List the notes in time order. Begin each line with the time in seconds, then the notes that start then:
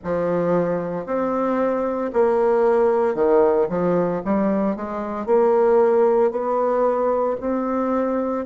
0.04 F3
1.05 C4
2.13 A#3
3.14 D#3
3.69 F3
4.24 G3
4.76 G#3
5.26 A#3
6.31 B3
7.40 C4